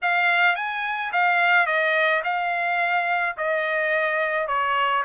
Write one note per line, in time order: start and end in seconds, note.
0.02 0.55 F5
0.55 1.11 G#5
1.12 1.66 F5
1.66 2.22 D#5
2.24 3.36 F5
3.37 4.47 D#5
4.47 5.03 C#5